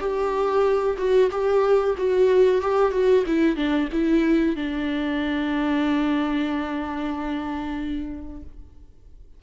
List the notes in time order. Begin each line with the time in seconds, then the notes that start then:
0.00 G4
0.98 F#4
1.31 G4
1.98 F#4
2.61 G4
2.92 F#4
3.27 E4
3.56 D4
3.92 E4
4.56 D4